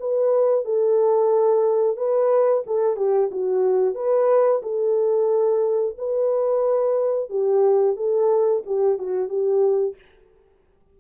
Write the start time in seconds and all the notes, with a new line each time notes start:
0.00 B4
0.65 A4
1.97 B4
2.66 A4
2.97 G4
3.32 F#4
3.95 B4
4.63 A4
5.98 B4
7.30 G4
7.97 A4
8.66 G4
8.99 F#4
9.29 G4